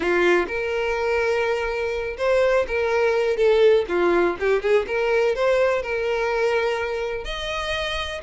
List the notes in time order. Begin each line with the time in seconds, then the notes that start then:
0.00 F4
0.47 A#4
2.17 C5
2.67 A#4
3.37 A4
3.88 F4
4.39 G4
4.62 G#4
4.87 A#4
5.35 C5
5.82 A#4
7.24 D#5